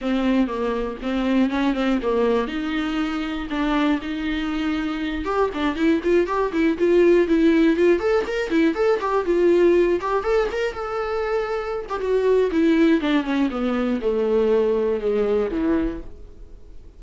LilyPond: \new Staff \with { instrumentName = "viola" } { \time 4/4 \tempo 4 = 120 c'4 ais4 c'4 cis'8 c'8 | ais4 dis'2 d'4 | dis'2~ dis'8 g'8 d'8 e'8 | f'8 g'8 e'8 f'4 e'4 f'8 |
a'8 ais'8 e'8 a'8 g'8 f'4. | g'8 a'8 ais'8 a'2~ a'16 g'16 | fis'4 e'4 d'8 cis'8 b4 | a2 gis4 e4 | }